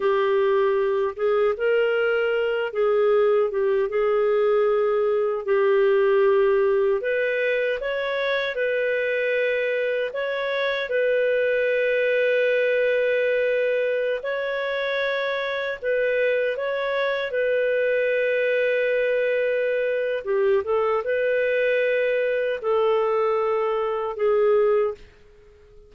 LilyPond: \new Staff \with { instrumentName = "clarinet" } { \time 4/4 \tempo 4 = 77 g'4. gis'8 ais'4. gis'8~ | gis'8 g'8 gis'2 g'4~ | g'4 b'4 cis''4 b'4~ | b'4 cis''4 b'2~ |
b'2~ b'16 cis''4.~ cis''16~ | cis''16 b'4 cis''4 b'4.~ b'16~ | b'2 g'8 a'8 b'4~ | b'4 a'2 gis'4 | }